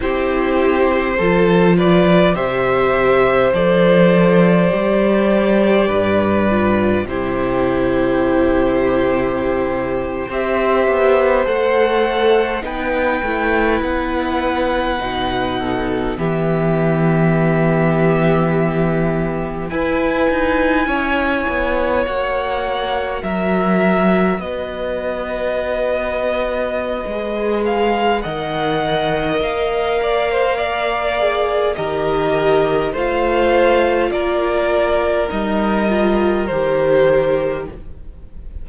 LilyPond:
<<
  \new Staff \with { instrumentName = "violin" } { \time 4/4 \tempo 4 = 51 c''4. d''8 e''4 d''4~ | d''2 c''2~ | c''8. e''4 fis''4 g''4 fis''16~ | fis''4.~ fis''16 e''2~ e''16~ |
e''8. gis''2 fis''4 e''16~ | e''8. dis''2~ dis''8. f''8 | fis''4 f''2 dis''4 | f''4 d''4 dis''4 c''4 | }
  \new Staff \with { instrumentName = "violin" } { \time 4/4 g'4 a'8 b'8 c''2~ | c''4 b'4 g'2~ | g'8. c''2 b'4~ b'16~ | b'4~ b'16 a'8 g'2~ g'16~ |
g'8. b'4 cis''2 ais'16~ | ais'8. b'2.~ b'16 | dis''4. d''16 c''16 d''4 ais'4 | c''4 ais'2. | }
  \new Staff \with { instrumentName = "viola" } { \time 4/4 e'4 f'4 g'4 a'4 | g'4. f'8 e'2~ | e'8. g'4 a'4 dis'8 e'8.~ | e'8. dis'4 b2~ b16~ |
b8. e'2 fis'4~ fis'16~ | fis'2. gis'4 | ais'2~ ais'8 gis'8 g'4 | f'2 dis'8 f'8 g'4 | }
  \new Staff \with { instrumentName = "cello" } { \time 4/4 c'4 f4 c4 f4 | g4 g,4 c2~ | c8. c'8 b8 a4 b8 a8 b16~ | b8. b,4 e2~ e16~ |
e8. e'8 dis'8 cis'8 b8 ais4 fis16~ | fis8. b2~ b16 gis4 | dis4 ais2 dis4 | a4 ais4 g4 dis4 | }
>>